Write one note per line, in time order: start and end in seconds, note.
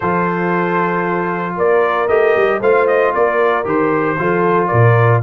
0.00 1.57 F3
0.00 2.09 F4
0.00 1.56 A4
0.00 1.56 C5
1.56 2.08 A#3
1.56 2.60 A#4
1.56 2.08 D5
2.08 2.34 A3
2.08 2.61 G4
2.08 2.60 D#5
2.36 2.61 G3
2.60 3.13 A3
2.60 3.64 F4
2.60 3.12 C5
2.60 2.87 F5
2.87 3.13 D#5
3.13 3.65 A#3
3.13 4.17 A#4
3.13 3.66 D5
3.64 4.17 D#3
3.64 4.16 G4
3.64 4.67 C5
4.18 4.71 F3
4.18 5.22 F4
4.18 4.68 A4
4.67 5.22 A#2
4.67 5.20 A#4
4.67 5.19 D5